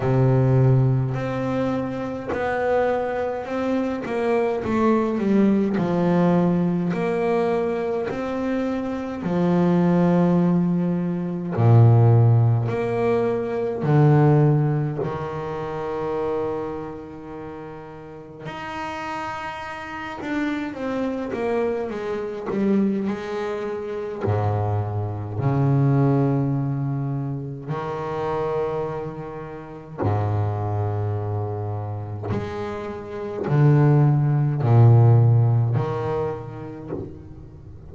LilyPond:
\new Staff \with { instrumentName = "double bass" } { \time 4/4 \tempo 4 = 52 c4 c'4 b4 c'8 ais8 | a8 g8 f4 ais4 c'4 | f2 ais,4 ais4 | d4 dis2. |
dis'4. d'8 c'8 ais8 gis8 g8 | gis4 gis,4 cis2 | dis2 gis,2 | gis4 d4 ais,4 dis4 | }